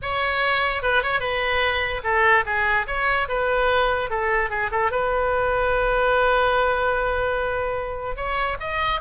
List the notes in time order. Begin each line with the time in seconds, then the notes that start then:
0.01 C#5
0.82 B4
1.02 C#5
1.20 B4
2.03 A4
2.45 G#4
2.87 C#5
3.28 B4
4.09 A4
4.50 G#4
4.71 A4
4.91 B4
8.16 C#5
8.59 D#5